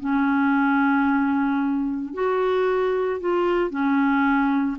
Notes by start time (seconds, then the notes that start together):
0.00 C#4
2.14 F#4
3.20 F4
3.70 C#4